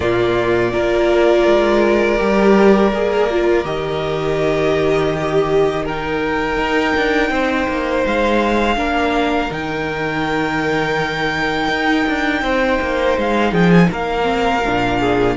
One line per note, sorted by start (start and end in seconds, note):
0.00 0.73 A#2
0.00 0.72 A#3
0.00 0.72 F4
0.00 3.65 D5
0.72 1.46 A#3
0.72 2.18 F4
0.72 5.11 A#4
1.46 2.19 G#3
2.18 2.92 G3
2.18 2.91 G4
2.92 3.64 A#3
2.92 3.30 G#4
3.30 3.64 F4
3.64 6.57 D#3
3.64 5.84 G4
3.64 5.85 D#5
5.14 5.85 G4
5.85 8.75 D#4
5.85 7.30 A#4
5.85 8.06 G5
6.57 6.93 D#4
6.96 7.29 D4
7.29 7.66 C4
7.29 8.77 C5
7.68 8.04 A#3
8.05 8.76 G#3
8.05 9.53 F5
8.75 9.49 A#3
8.75 9.48 D4
8.75 12.43 A#4
9.50 11.68 D#3
9.50 14.22 D#4
9.50 13.18 G5
11.68 12.04 D#4
12.08 12.42 D4
12.42 12.78 C4
12.42 13.51 C5
12.81 13.17 A#3
13.17 13.52 G#3
13.17 13.53 F5
13.51 13.88 F3
13.51 13.87 G#4
13.51 13.70 G5
13.70 13.89 G#5
13.91 14.64 A#3
13.91 14.99 A#4
13.91 15.36 F5
14.22 14.59 C4
14.65 15.36 A#2
14.65 15.36 D4
14.99 15.36 G#4